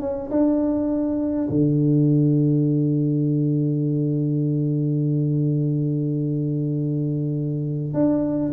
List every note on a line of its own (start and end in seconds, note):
0.00 0.29 C#4
0.30 1.48 D4
1.49 7.93 D3
7.93 8.52 D4